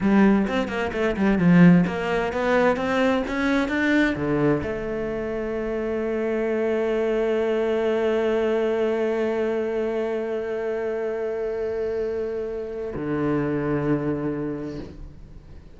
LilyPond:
\new Staff \with { instrumentName = "cello" } { \time 4/4 \tempo 4 = 130 g4 c'8 ais8 a8 g8 f4 | ais4 b4 c'4 cis'4 | d'4 d4 a2~ | a1~ |
a1~ | a1~ | a1 | d1 | }